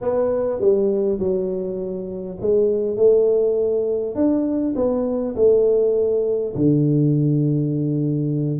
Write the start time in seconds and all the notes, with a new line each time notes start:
0.01 B3
0.60 G3
1.19 F#3
2.41 G#3
2.96 A3
4.15 D4
4.75 B3
5.35 A3
6.55 D3